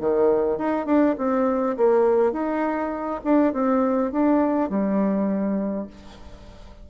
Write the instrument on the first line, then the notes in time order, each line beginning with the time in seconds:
bassoon
0.00 D#3
0.58 D#4
0.86 D4
1.18 C4
1.77 A#3
2.32 D#4
3.25 D4
3.53 C4
4.12 D4
4.70 G3